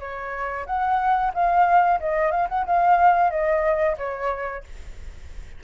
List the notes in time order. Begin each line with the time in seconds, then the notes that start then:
0.00 C#5
0.67 F#5
1.34 F5
2.00 D#5
2.32 F5
2.49 F#5
2.66 F5
3.31 D#5
3.98 C#5